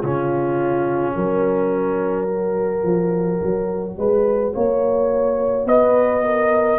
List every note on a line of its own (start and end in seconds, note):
0.00 1.16 C#3
0.00 2.28 C#4
0.00 1.15 F4
0.00 5.66 C#5
1.15 2.84 F#3
1.15 3.98 A#4
2.28 6.79 F#4
2.84 3.40 F3
3.42 3.98 F#3
3.98 4.54 G#3
3.98 4.54 B4
4.54 5.66 A#3
4.54 5.67 C#5
5.66 6.79 B3
5.66 6.24 B4
5.66 6.79 D#5
6.24 6.79 A#4